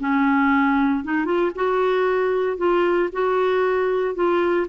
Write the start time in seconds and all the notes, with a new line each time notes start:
0.00 C#4
1.04 D#4
1.25 F4
1.55 F#4
2.57 F4
3.12 F#4
4.15 F4